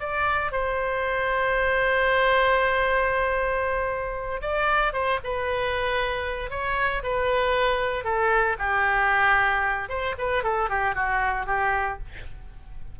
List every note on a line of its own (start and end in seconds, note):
0.00 0.52 D5
0.52 4.42 C5
4.42 4.93 D5
4.93 5.19 C5
5.24 6.51 B4
6.51 7.03 C#5
7.03 8.04 B4
8.04 8.57 A4
8.58 9.89 G4
9.89 10.15 C5
10.18 10.43 B4
10.43 10.69 A4
10.69 10.95 G4
10.95 11.46 F#4
11.46 11.98 G4